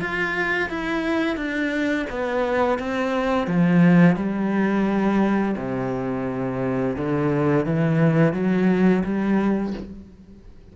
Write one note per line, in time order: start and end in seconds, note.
0.00 0.70 F4
0.70 1.36 E4
1.36 2.06 D4
2.10 2.79 B3
2.79 3.47 C4
3.47 4.16 F3
4.16 5.55 G3
5.57 6.96 C3
6.96 7.66 D3
7.66 8.33 E3
8.33 9.03 F#3
9.04 9.74 G3